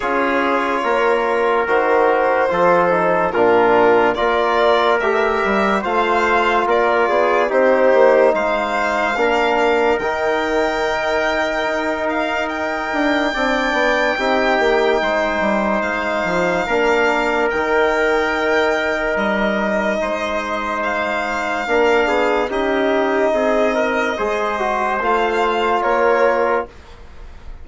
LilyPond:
<<
  \new Staff \with { instrumentName = "violin" } { \time 4/4 \tempo 4 = 72 cis''2 c''2 | ais'4 d''4 e''4 f''4 | d''4 c''4 f''2 | g''2~ g''8 f''8 g''4~ |
g''2. f''4~ | f''4 g''2 dis''4~ | dis''4 f''2 dis''4~ | dis''2 f''4 cis''4 | }
  \new Staff \with { instrumentName = "trumpet" } { \time 4/4 gis'4 ais'2 a'4 | f'4 ais'2 c''4 | ais'8 gis'8 g'4 c''4 ais'4~ | ais'1 |
d''4 g'4 c''2 | ais'1 | c''2 ais'8 gis'8 g'4 | gis'8 ais'8 c''2 ais'4 | }
  \new Staff \with { instrumentName = "trombone" } { \time 4/4 f'2 fis'4 f'8 dis'8 | d'4 f'4 g'4 f'4~ | f'4 dis'2 d'4 | dis'1 |
d'4 dis'2. | d'4 dis'2.~ | dis'2 d'4 dis'4~ | dis'4 gis'8 fis'8 f'2 | }
  \new Staff \with { instrumentName = "bassoon" } { \time 4/4 cis'4 ais4 dis4 f4 | ais,4 ais4 a8 g8 a4 | ais8 b8 c'8 ais8 gis4 ais4 | dis2 dis'4. d'8 |
c'8 b8 c'8 ais8 gis8 g8 gis8 f8 | ais4 dis2 g4 | gis2 ais8 b8 cis'4 | c'4 gis4 a4 ais4 | }
>>